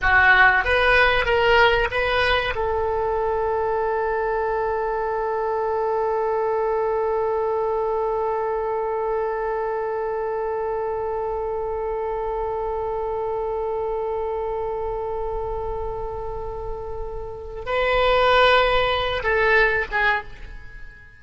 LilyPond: \new Staff \with { instrumentName = "oboe" } { \time 4/4 \tempo 4 = 95 fis'4 b'4 ais'4 b'4 | a'1~ | a'1~ | a'1~ |
a'1~ | a'1~ | a'1 | b'2~ b'8 a'4 gis'8 | }